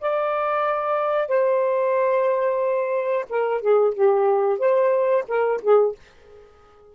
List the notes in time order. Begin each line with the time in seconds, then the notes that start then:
0.00 D5
1.27 C5
3.29 A#4
3.61 G#4
3.94 G4
4.58 C5
5.27 A#4
5.62 G#4